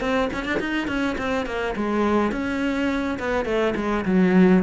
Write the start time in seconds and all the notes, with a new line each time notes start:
0.00 C4
0.33 C#4
0.44 D4
0.59 D#4
0.87 C#4
1.17 C4
1.46 A#3
1.76 G#3
2.31 C#4
3.19 B3
3.45 A3
3.75 G#3
4.05 F#3